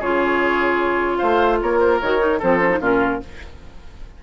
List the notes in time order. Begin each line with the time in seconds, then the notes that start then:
0.00 C#3 F4 G#4 C#5
1.18 A3 C5 F5
1.62 A#3 A#4 C#5
1.80 C5
2.01 D#3 F#4 C#5
2.19 D#4
2.39 F3 C4 A4 C5
2.60 C#4
2.70 D#4
2.80 A#2 C#4 F4 A#4